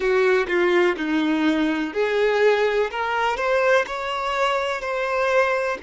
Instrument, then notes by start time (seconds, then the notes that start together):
violin
0.00 F#4
0.47 F4
0.96 D#4
1.94 G#4
2.90 A#4
3.36 C5
3.86 C#5
4.81 C5